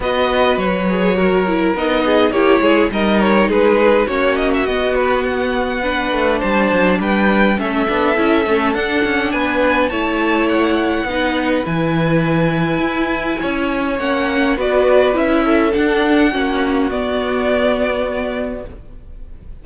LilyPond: <<
  \new Staff \with { instrumentName = "violin" } { \time 4/4 \tempo 4 = 103 dis''4 cis''2 dis''4 | cis''4 dis''8 cis''8 b'4 cis''8 dis''16 e''16 | dis''8 b'8 fis''2 a''4 | g''4 e''2 fis''4 |
gis''4 a''4 fis''2 | gis''1 | fis''4 d''4 e''4 fis''4~ | fis''4 d''2. | }
  \new Staff \with { instrumentName = "violin" } { \time 4/4 b'2 ais'4. gis'8 | g'8 gis'8 ais'4 gis'4 fis'4~ | fis'2 b'4 c''4 | b'4 a'2. |
b'4 cis''2 b'4~ | b'2. cis''4~ | cis''4 b'4. a'4. | fis'1 | }
  \new Staff \with { instrumentName = "viola" } { \time 4/4 fis'4. gis'8 fis'8 e'8 dis'4 | e'4 dis'2 cis'4 | b2 d'2~ | d'4 cis'8 d'8 e'8 cis'8 d'4~ |
d'4 e'2 dis'4 | e'1 | cis'4 fis'4 e'4 d'4 | cis'4 b2. | }
  \new Staff \with { instrumentName = "cello" } { \time 4/4 b4 fis2 b4 | ais8 gis8 g4 gis4 ais4 | b2~ b8 a8 g8 fis8 | g4 a8 b8 cis'8 a8 d'8 cis'8 |
b4 a2 b4 | e2 e'4 cis'4 | ais4 b4 cis'4 d'4 | ais4 b2. | }
>>